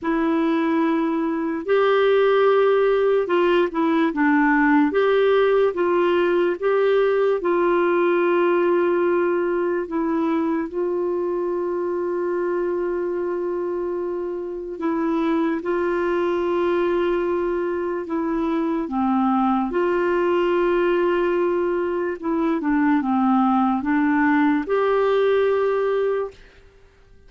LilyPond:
\new Staff \with { instrumentName = "clarinet" } { \time 4/4 \tempo 4 = 73 e'2 g'2 | f'8 e'8 d'4 g'4 f'4 | g'4 f'2. | e'4 f'2.~ |
f'2 e'4 f'4~ | f'2 e'4 c'4 | f'2. e'8 d'8 | c'4 d'4 g'2 | }